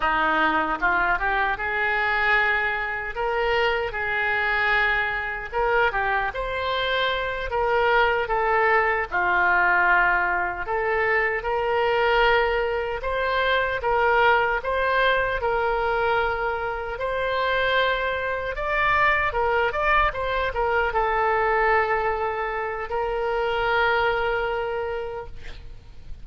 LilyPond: \new Staff \with { instrumentName = "oboe" } { \time 4/4 \tempo 4 = 76 dis'4 f'8 g'8 gis'2 | ais'4 gis'2 ais'8 g'8 | c''4. ais'4 a'4 f'8~ | f'4. a'4 ais'4.~ |
ais'8 c''4 ais'4 c''4 ais'8~ | ais'4. c''2 d''8~ | d''8 ais'8 d''8 c''8 ais'8 a'4.~ | a'4 ais'2. | }